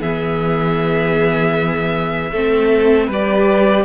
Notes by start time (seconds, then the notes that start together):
0.00 E3 B3 G#4 E5
2.31 A3 C4 A4
3.07 G3 G4 B4 D5